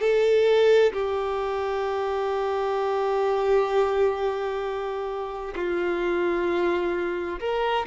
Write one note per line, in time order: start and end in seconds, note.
0.00 0.92 A4
0.93 5.54 G4
5.55 7.39 F4
7.40 7.86 A#4